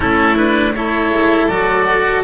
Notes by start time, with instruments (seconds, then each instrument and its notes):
0.00 double bass A3, cello C#4, violin E4, oboe A4
0.36 cello D4, oboe B4
0.74 cello E4, violin A4, oboe C#5
1.10 double bass G#3
1.47 double bass F#3, cello F#4, oboe D5